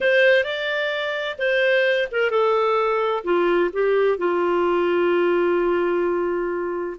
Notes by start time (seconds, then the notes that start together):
0.01 C5
0.44 D5
1.38 C5
2.11 A#4
2.30 A4
3.24 F4
3.73 G4
4.18 F4